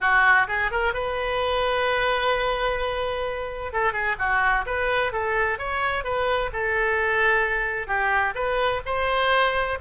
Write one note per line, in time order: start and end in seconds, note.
0.00 0.47 F#4
0.47 0.71 G#4
0.71 0.93 A#4
0.93 3.72 B4
3.72 3.93 A4
3.93 4.16 G#4
4.18 4.65 F#4
4.65 5.12 B4
5.12 5.58 A4
5.58 6.04 C#5
6.04 6.50 B4
6.52 7.87 A4
7.87 8.33 G4
8.34 8.81 B4
8.85 9.78 C5